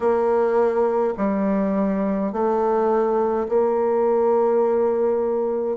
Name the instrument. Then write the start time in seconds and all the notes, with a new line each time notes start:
bassoon
0.00 A#3
1.17 G3
2.32 A3
3.48 A#3